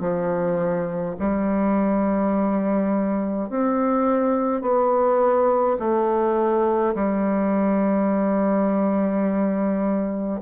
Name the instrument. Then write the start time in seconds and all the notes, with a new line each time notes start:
bassoon
0.00 F3
1.19 G3
3.50 C4
4.62 B3
5.79 A3
6.94 G3